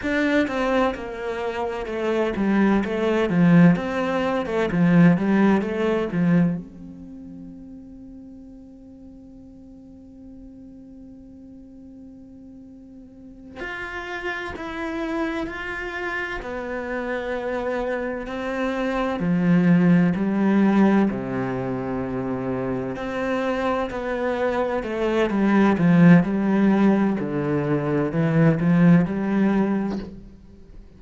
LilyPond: \new Staff \with { instrumentName = "cello" } { \time 4/4 \tempo 4 = 64 d'8 c'8 ais4 a8 g8 a8 f8 | c'8. a16 f8 g8 a8 f8 c'4~ | c'1~ | c'2~ c'8 f'4 e'8~ |
e'8 f'4 b2 c'8~ | c'8 f4 g4 c4.~ | c8 c'4 b4 a8 g8 f8 | g4 d4 e8 f8 g4 | }